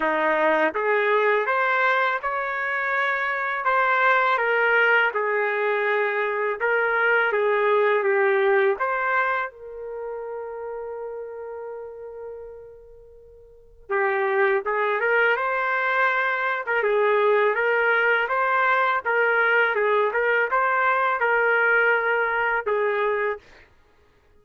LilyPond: \new Staff \with { instrumentName = "trumpet" } { \time 4/4 \tempo 4 = 82 dis'4 gis'4 c''4 cis''4~ | cis''4 c''4 ais'4 gis'4~ | gis'4 ais'4 gis'4 g'4 | c''4 ais'2.~ |
ais'2. g'4 | gis'8 ais'8 c''4.~ c''16 ais'16 gis'4 | ais'4 c''4 ais'4 gis'8 ais'8 | c''4 ais'2 gis'4 | }